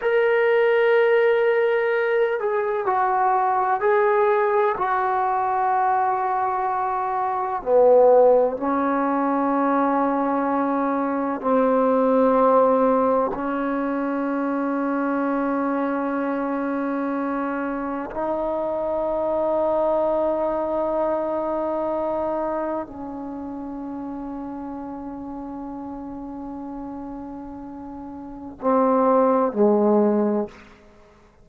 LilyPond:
\new Staff \with { instrumentName = "trombone" } { \time 4/4 \tempo 4 = 63 ais'2~ ais'8 gis'8 fis'4 | gis'4 fis'2. | b4 cis'2. | c'2 cis'2~ |
cis'2. dis'4~ | dis'1 | cis'1~ | cis'2 c'4 gis4 | }